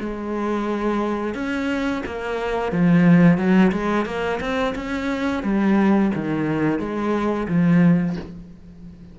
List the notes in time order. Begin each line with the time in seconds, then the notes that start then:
0.00 G#3
1.35 C#4
2.06 A#3
2.72 F3
3.37 F#3
3.72 G#3
4.06 A#3
4.40 C4
4.75 C#4
5.44 G3
6.15 D#3
6.79 G#3
7.48 F3